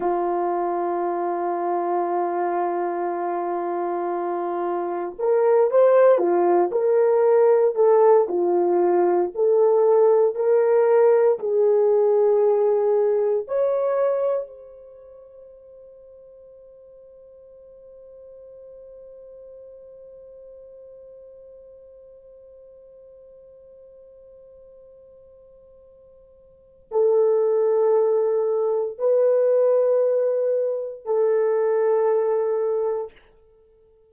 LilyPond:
\new Staff \with { instrumentName = "horn" } { \time 4/4 \tempo 4 = 58 f'1~ | f'4 ais'8 c''8 f'8 ais'4 a'8 | f'4 a'4 ais'4 gis'4~ | gis'4 cis''4 c''2~ |
c''1~ | c''1~ | c''2 a'2 | b'2 a'2 | }